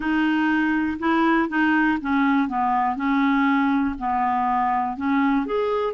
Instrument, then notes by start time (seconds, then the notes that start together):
clarinet
0.00 D#4
0.99 E4
1.48 D#4
2.01 C#4
2.48 B3
2.96 C#4
3.98 B3
4.96 C#4
5.46 G#4